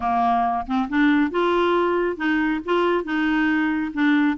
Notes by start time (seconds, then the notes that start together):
0.00 A#3
0.66 C4
0.89 D4
1.30 F4
2.16 D#4
2.65 F4
3.04 D#4
3.93 D4